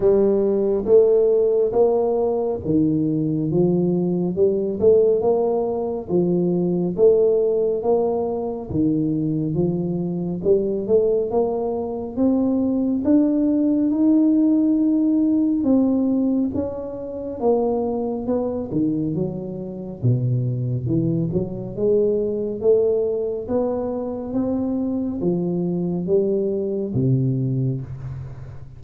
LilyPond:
\new Staff \with { instrumentName = "tuba" } { \time 4/4 \tempo 4 = 69 g4 a4 ais4 dis4 | f4 g8 a8 ais4 f4 | a4 ais4 dis4 f4 | g8 a8 ais4 c'4 d'4 |
dis'2 c'4 cis'4 | ais4 b8 dis8 fis4 b,4 | e8 fis8 gis4 a4 b4 | c'4 f4 g4 c4 | }